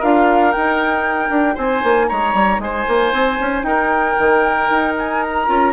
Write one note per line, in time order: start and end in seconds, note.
0.00 0.56 D4
0.00 0.53 F4
0.00 1.55 A#4
0.00 0.52 F5
0.52 5.47 D#4
0.52 1.30 D#4
0.52 1.57 G5
1.30 1.56 D4
1.55 1.84 C4
1.55 2.07 C5
1.55 2.09 G#5
1.84 2.10 A#3
2.09 2.34 G#3
2.09 2.61 C#5
2.09 2.61 A#5
2.34 2.59 G3
2.59 2.85 G#3
2.59 3.67 C5
2.59 3.64 G#5
2.88 3.13 A#3
3.13 3.39 C4
3.41 3.63 C#4
3.63 4.15 D#4
3.63 5.73 A#4
3.63 4.94 G5
4.19 4.70 D#3
4.70 5.49 D#4
4.98 5.24 G#5
5.24 5.73 A#5
5.47 5.73 C#4
5.47 5.73 F4